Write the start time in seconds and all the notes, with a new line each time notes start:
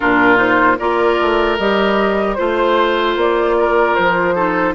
0.00 A#2 D4 F4 A#4
0.36 D#4 C5
0.78 A#3 F4 A#4 D5
1.21 A3
1.58 G3 G4 D#5
2.34 A3 F4 C5
3.16 A#3 D5
3.58 A#4
3.95 F3 C5
4.34 D#4 A4